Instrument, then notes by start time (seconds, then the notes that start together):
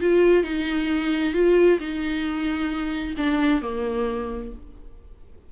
viola
0.00 F4
0.43 D#4
1.33 F4
1.79 D#4
3.17 D4
3.61 A#3